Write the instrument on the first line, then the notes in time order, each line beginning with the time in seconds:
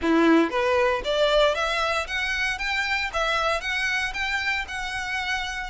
violin
0.02 E4
0.50 B4
1.04 D5
1.54 E5
2.07 F#5
2.58 G5
3.13 E5
3.61 F#5
4.13 G5
4.68 F#5